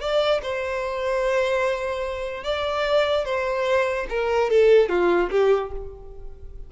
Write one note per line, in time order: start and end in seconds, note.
0.00 0.41 D5
0.42 2.44 C5
2.44 3.25 D5
3.25 4.06 C5
4.09 4.50 A#4
4.50 4.88 A4
4.88 5.29 F4
5.30 5.71 G4